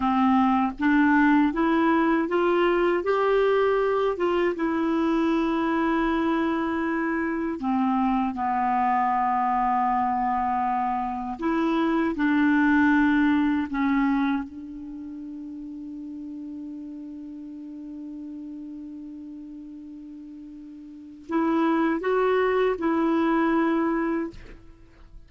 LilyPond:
\new Staff \with { instrumentName = "clarinet" } { \time 4/4 \tempo 4 = 79 c'4 d'4 e'4 f'4 | g'4. f'8 e'2~ | e'2 c'4 b4~ | b2. e'4 |
d'2 cis'4 d'4~ | d'1~ | d'1 | e'4 fis'4 e'2 | }